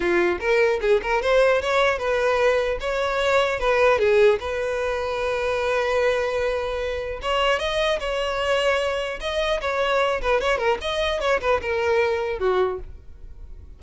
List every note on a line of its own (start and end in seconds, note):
0.00 0.38 F4
0.39 0.79 A#4
0.81 1.01 G#4
1.02 1.21 A#4
1.21 1.61 C5
1.61 1.98 C#5
1.98 2.78 B4
2.80 3.59 C#5
3.59 3.98 B4
3.98 4.38 G#4
4.39 7.19 B4
7.21 7.59 C#5
7.59 7.99 D#5
7.99 9.19 C#5
9.20 9.60 D#5
9.61 10.21 C#5
10.21 10.41 B4
10.41 10.58 C#5
10.58 10.78 A#4
10.81 11.20 D#5
11.20 11.40 C#5
11.41 11.61 B4
11.61 12.39 A#4
12.39 12.79 F#4